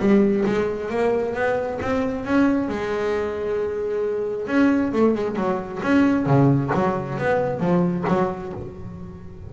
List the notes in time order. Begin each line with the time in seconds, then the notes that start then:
0.00 G3
0.46 G#3
0.90 A#3
1.35 B3
1.82 C4
2.26 C#4
2.69 G#3
4.47 C#4
4.93 A3
5.15 G#3
5.36 F#3
5.83 C#4
6.26 C#3
6.74 F#3
7.19 B3
7.60 F3
8.08 F#3